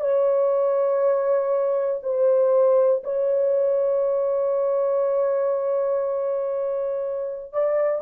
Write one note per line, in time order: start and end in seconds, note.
0.00 2.00 C#5
2.02 3.02 C5
3.04 7.53 C#5
7.53 8.02 D5